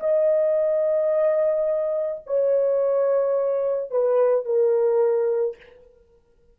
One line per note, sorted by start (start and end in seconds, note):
0.00 2.22 D#5
2.26 3.90 C#5
3.90 4.45 B4
4.45 5.56 A#4